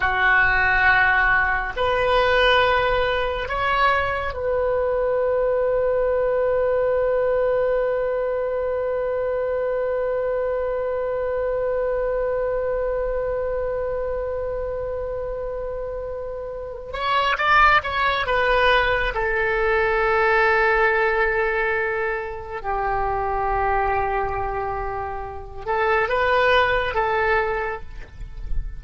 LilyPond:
\new Staff \with { instrumentName = "oboe" } { \time 4/4 \tempo 4 = 69 fis'2 b'2 | cis''4 b'2.~ | b'1~ | b'1~ |
b'2.~ b'8 cis''8 | d''8 cis''8 b'4 a'2~ | a'2 g'2~ | g'4. a'8 b'4 a'4 | }